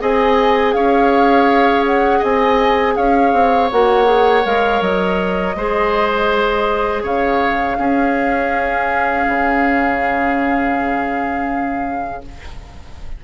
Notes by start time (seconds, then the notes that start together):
0.00 C4 G#4 D#5 G#5
0.73 C#4 C#5 F5
1.86 F#5
2.19 C4 D#5 G#5
2.96 C#4 C#5 F5
3.33 C4
3.71 A#3 F#4 F#5
4.04 G#4
4.43 G#3 A#4 F5
4.81 F#3 D#5
5.56 G#3 G#4 C5
7.03 C#3 C#5 F5
7.77 C#4 G#4
9.27 C#3